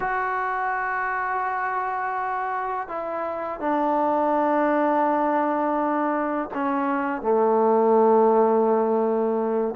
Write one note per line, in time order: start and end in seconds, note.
0.00 2.88 F#4
2.88 3.59 E4
3.59 6.49 D4
6.54 7.22 C#4
7.22 9.75 A3